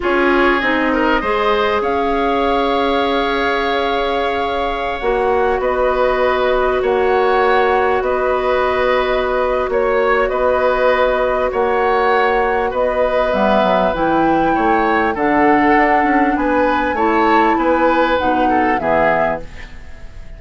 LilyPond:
<<
  \new Staff \with { instrumentName = "flute" } { \time 4/4 \tempo 4 = 99 cis''4 dis''2 f''4~ | f''1~ | f''16 fis''4 dis''2 fis''8.~ | fis''4~ fis''16 dis''2~ dis''8. |
cis''4 dis''2 fis''4~ | fis''4 dis''4 e''4 g''4~ | g''4 fis''2 gis''4 | a''4 gis''4 fis''4 e''4 | }
  \new Staff \with { instrumentName = "oboe" } { \time 4/4 gis'4. ais'8 c''4 cis''4~ | cis''1~ | cis''4~ cis''16 b'2 cis''8.~ | cis''4~ cis''16 b'2~ b'8. |
cis''4 b'2 cis''4~ | cis''4 b'2. | cis''4 a'2 b'4 | cis''4 b'4. a'8 gis'4 | }
  \new Staff \with { instrumentName = "clarinet" } { \time 4/4 f'4 dis'4 gis'2~ | gis'1~ | gis'16 fis'2.~ fis'8.~ | fis'1~ |
fis'1~ | fis'2 b4 e'4~ | e'4 d'2. | e'2 dis'4 b4 | }
  \new Staff \with { instrumentName = "bassoon" } { \time 4/4 cis'4 c'4 gis4 cis'4~ | cis'1~ | cis'16 ais4 b2 ais8.~ | ais4~ ais16 b2~ b8. |
ais4 b2 ais4~ | ais4 b4 g8 fis8 e4 | a4 d4 d'8 cis'8 b4 | a4 b4 b,4 e4 | }
>>